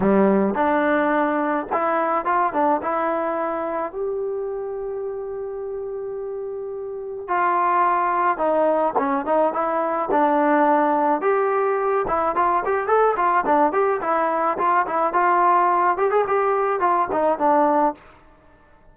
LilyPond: \new Staff \with { instrumentName = "trombone" } { \time 4/4 \tempo 4 = 107 g4 d'2 e'4 | f'8 d'8 e'2 g'4~ | g'1~ | g'4 f'2 dis'4 |
cis'8 dis'8 e'4 d'2 | g'4. e'8 f'8 g'8 a'8 f'8 | d'8 g'8 e'4 f'8 e'8 f'4~ | f'8 g'16 gis'16 g'4 f'8 dis'8 d'4 | }